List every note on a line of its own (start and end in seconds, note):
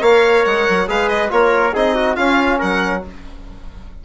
0.00 0.44 A#3
0.00 0.86 A#4
0.00 0.86 C#5
0.00 0.45 F5
0.45 0.67 G#3
0.45 0.88 F#5
0.69 0.88 F#3
0.87 1.31 G#3
0.87 1.29 G#4
0.87 1.32 B4
0.87 1.08 F5
1.08 1.30 D#5
1.29 1.74 A#3
1.29 1.72 F4
1.29 1.74 A#4
1.29 1.74 C#5
1.74 2.17 C4
1.74 2.17 D#4
1.74 1.95 G#4
1.74 2.16 D#5
1.95 2.16 F#4
2.16 3.02 C#4
2.16 2.60 C#4
2.16 2.58 F4
2.16 2.58 F5
2.58 3.05 F#3
2.58 3.01 A#4
2.58 3.04 F#5